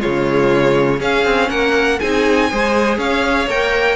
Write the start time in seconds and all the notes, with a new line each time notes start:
0.00 C#3 G#3 F4 C#5
0.99 C#4 G#4 F5
1.25 C4
1.50 A#3 A#4 F#5
2.00 C4 D#4 G#4 G#5
2.52 G#3 G#4 C5
2.98 C#4 C#5 F5
3.48 A#3 A#4 G5